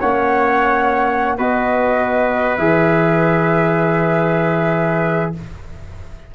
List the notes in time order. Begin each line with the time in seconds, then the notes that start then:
0.00 A#3 C#4 C#5 F#5
1.37 B3 F#4 B4 D#5
2.57 E3 G#4 E5